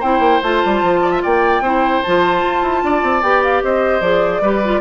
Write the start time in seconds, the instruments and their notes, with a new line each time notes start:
0.00 bassoon C4, clarinet E4, oboe C5, flute G5
0.20 bassoon A#3
0.43 bassoon A3, clarinet F4, flute A5
0.65 bassoon G3
0.82 bassoon F3
1.03 oboe D5
1.12 oboe E5
1.23 bassoon A#3, oboe D5, flute G5
1.61 bassoon C4, clarinet E4, oboe C5
2.03 bassoon F3, clarinet F4, flute A5
2.43 bassoon F4
2.62 bassoon E4
2.83 bassoon D4, oboe D5
3.03 bassoon C4
3.23 bassoon B3, clarinet G4, flute G5
3.43 flute F5
3.63 bassoon C4, oboe C5, flute D#5
4.01 bassoon F3, clarinet G#4, flute D5
4.41 bassoon G3, clarinet G4, oboe B4
4.65 clarinet F4